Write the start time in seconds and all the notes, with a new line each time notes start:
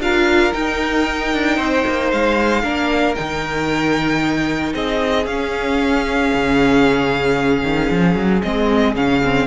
0.00 D4 F4 A#4 F5
0.54 D#4 G5
1.34 D4
1.57 C4 C5
1.87 A#3
2.12 G#3 F5
2.63 A#3 D4 A#4
3.15 D#3 D#4 G5
4.74 C4 G#4 D#5
5.26 C#4 F5
6.35 C#3
7.64 D#3
7.91 F3
8.16 F#3
8.43 G#3 C4 D#5
8.96 C#3 C#4 F5
9.24 C4